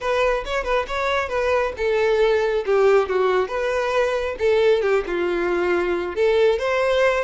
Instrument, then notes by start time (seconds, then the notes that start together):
violin
0.00 B4
0.45 C#5
0.64 B4
0.87 C#5
1.29 B4
1.77 A4
2.65 G4
3.08 F#4
3.47 B4
4.39 A4
4.82 G4
5.07 F4
6.15 A4
6.58 C5